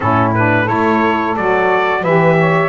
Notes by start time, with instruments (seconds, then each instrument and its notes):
0.00 double bass A2, saxophone C#4 E4, trumpet A4
0.34 saxophone D4, trumpet B4
0.63 double bass A3, saxophone E4 A4, trumpet C#5
1.36 double bass F#3, saxophone F#4, trumpet D5
2.01 double bass E3, saxophone G4 B4, trumpet E5
2.39 saxophone C#5